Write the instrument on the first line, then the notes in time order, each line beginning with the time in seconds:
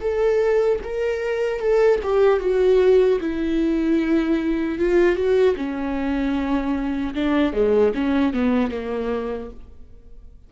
viola
0.00 A4
0.83 A#4
1.60 A4
2.03 G4
2.39 F#4
3.20 E4
4.78 F4
5.15 F#4
5.56 C#4
7.14 D4
7.53 G#3
7.94 C#4
8.33 B3
8.71 A#3